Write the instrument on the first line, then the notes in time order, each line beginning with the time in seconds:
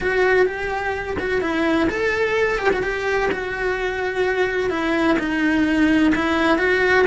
cello
0.00 F#4
0.46 G4
1.19 F#4
1.41 E4
1.89 A4
2.58 G4
2.72 F#4
2.82 G4
3.31 F#4
4.69 E4
5.18 D#4
6.15 E4
6.58 F#4